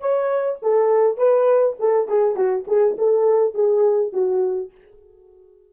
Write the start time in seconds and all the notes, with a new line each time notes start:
0.00 C#5
0.62 A4
1.17 B4
1.79 A4
2.08 G#4
2.36 F#4
2.67 G#4
2.98 A4
3.54 G#4
4.12 F#4